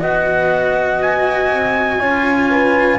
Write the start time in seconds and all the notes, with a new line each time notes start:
0.00 B3 F#4 D#5 F#5
1.02 G#5
1.50 C4
2.00 C#4 F4 C#5
2.50 B4